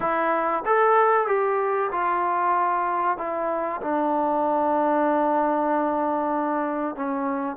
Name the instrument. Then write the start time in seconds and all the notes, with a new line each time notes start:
trombone
0.00 E4
0.65 A4
1.27 G4
1.91 F4
3.18 E4
3.81 D4
6.95 C#4